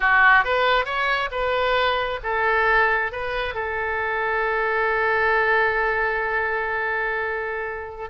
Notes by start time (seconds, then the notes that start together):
0.00 F#4
0.44 B4
0.85 C#5
1.31 B4
2.23 A4
3.12 B4
3.54 A4